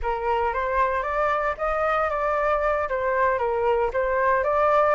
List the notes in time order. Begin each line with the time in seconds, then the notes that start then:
0.02 A#4
0.53 C5
1.02 D5
1.57 D#5
2.10 D5
2.88 C5
3.38 A#4
3.93 C5
4.43 D5